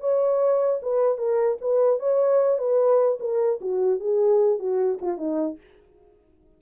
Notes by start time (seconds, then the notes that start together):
0.00 C#5
0.82 B4
1.17 A#4
1.61 B4
1.99 C#5
2.58 B4
3.19 A#4
3.61 F#4
4.00 G#4
4.59 F#4
5.01 F4
5.17 D#4